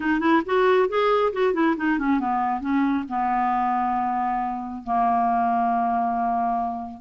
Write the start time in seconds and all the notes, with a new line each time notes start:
0.00 D#4
0.20 E4
0.45 F#4
0.88 G#4
1.32 F#4
1.53 E4
1.76 D#4
1.98 C#4
2.19 B3
2.60 C#4
3.08 B3
4.83 A#3